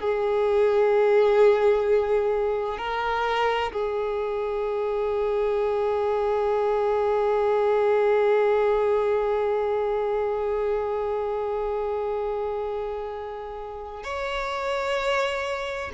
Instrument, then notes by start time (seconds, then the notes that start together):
violin
0.00 G#4
2.78 A#4
3.72 G#4
14.03 C#5